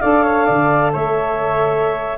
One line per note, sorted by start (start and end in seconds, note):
0.00 0.49 D4
0.00 2.18 A4
0.00 0.23 D5
0.00 0.92 F5
0.23 0.46 C#5
0.46 0.95 D3
0.46 0.91 D5
0.93 2.18 A3
0.93 2.18 C#5
0.93 2.18 E5